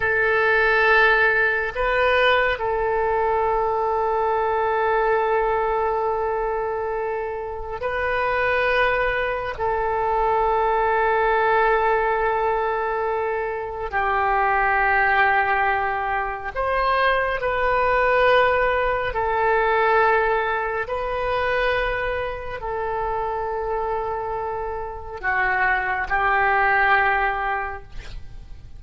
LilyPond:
\new Staff \with { instrumentName = "oboe" } { \time 4/4 \tempo 4 = 69 a'2 b'4 a'4~ | a'1~ | a'4 b'2 a'4~ | a'1 |
g'2. c''4 | b'2 a'2 | b'2 a'2~ | a'4 fis'4 g'2 | }